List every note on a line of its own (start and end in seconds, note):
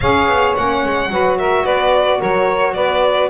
0.00 0.27 C#4
0.00 0.56 G#4
0.00 1.11 C#5
0.00 0.54 F5
0.27 0.54 B3
0.55 0.85 A#3
0.55 1.09 C#4
0.55 1.38 F#5
0.85 1.09 G#3
1.09 1.64 F#3
1.09 3.29 F#4
1.09 1.38 B4
1.38 1.63 A#4
1.38 1.65 E5
1.63 2.20 B3
1.63 2.18 B4
1.63 2.20 D5
2.19 2.75 F#3
2.19 2.74 A#4
2.19 2.74 C#5
2.74 3.29 B3
2.74 3.29 B4
2.74 3.29 D5